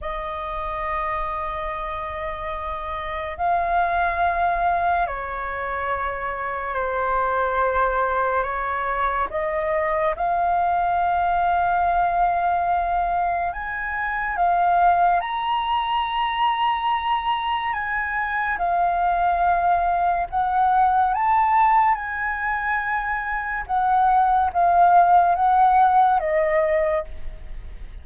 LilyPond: \new Staff \with { instrumentName = "flute" } { \time 4/4 \tempo 4 = 71 dis''1 | f''2 cis''2 | c''2 cis''4 dis''4 | f''1 |
gis''4 f''4 ais''2~ | ais''4 gis''4 f''2 | fis''4 a''4 gis''2 | fis''4 f''4 fis''4 dis''4 | }